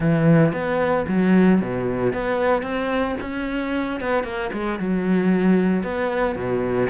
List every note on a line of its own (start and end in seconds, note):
0.00 0.53 E3
0.53 1.06 B3
1.08 1.61 F#3
1.61 2.13 B2
2.13 2.62 B3
2.62 3.15 C4
3.20 4.00 C#4
4.00 4.23 B3
4.23 4.50 A#3
4.52 4.79 G#3
4.79 5.83 F#3
5.83 6.35 B3
6.35 6.89 B2